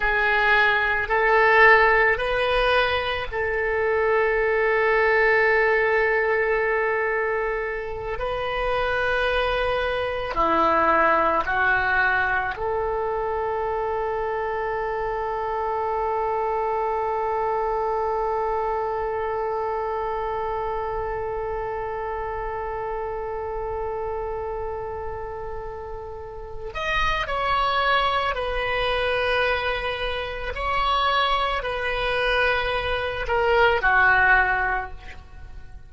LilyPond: \new Staff \with { instrumentName = "oboe" } { \time 4/4 \tempo 4 = 55 gis'4 a'4 b'4 a'4~ | a'2.~ a'8 b'8~ | b'4. e'4 fis'4 a'8~ | a'1~ |
a'1~ | a'1~ | a'8 dis''8 cis''4 b'2 | cis''4 b'4. ais'8 fis'4 | }